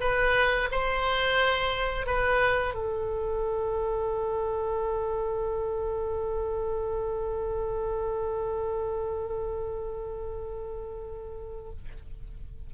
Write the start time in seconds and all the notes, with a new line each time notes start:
0.00 B4
0.71 C5
2.06 B4
2.74 A4